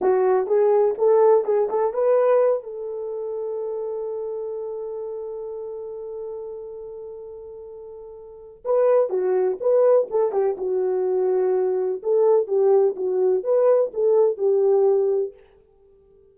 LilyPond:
\new Staff \with { instrumentName = "horn" } { \time 4/4 \tempo 4 = 125 fis'4 gis'4 a'4 gis'8 a'8 | b'4. a'2~ a'8~ | a'1~ | a'1~ |
a'2 b'4 fis'4 | b'4 a'8 g'8 fis'2~ | fis'4 a'4 g'4 fis'4 | b'4 a'4 g'2 | }